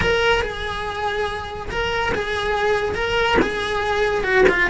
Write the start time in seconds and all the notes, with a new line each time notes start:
0.00 A#4
0.42 G#4
1.70 A#4
2.14 G#4
2.94 A#4
3.41 G#4
4.23 F#4
4.49 F4